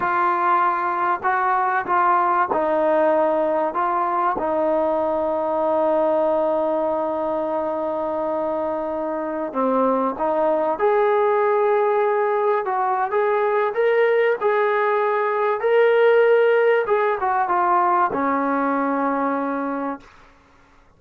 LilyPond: \new Staff \with { instrumentName = "trombone" } { \time 4/4 \tempo 4 = 96 f'2 fis'4 f'4 | dis'2 f'4 dis'4~ | dis'1~ | dis'2.~ dis'16 c'8.~ |
c'16 dis'4 gis'2~ gis'8.~ | gis'16 fis'8. gis'4 ais'4 gis'4~ | gis'4 ais'2 gis'8 fis'8 | f'4 cis'2. | }